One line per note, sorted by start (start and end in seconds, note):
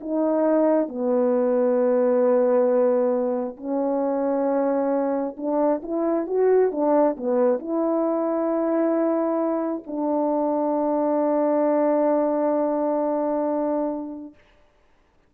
0.00 0.88 D#4
0.88 3.57 B3
3.57 5.36 C#4
5.36 5.81 D4
5.82 6.26 E4
6.26 6.71 F#4
6.71 7.16 D4
7.17 7.59 B3
7.59 9.83 E4
9.86 14.34 D4